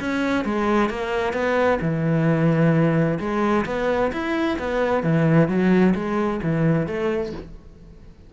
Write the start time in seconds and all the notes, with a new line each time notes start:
0.00 C#4
0.45 G#3
0.90 A#3
1.33 B3
1.81 E3
3.20 G#3
3.66 B3
4.12 E4
4.59 B3
5.03 E3
5.48 F#3
5.95 G#3
6.43 E3
6.87 A3